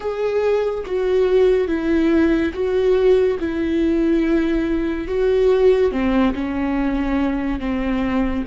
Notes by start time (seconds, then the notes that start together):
0.00 G#4
0.85 F#4
1.67 E4
2.53 F#4
3.39 E4
5.07 F#4
5.91 C4
6.34 C#4
7.59 C4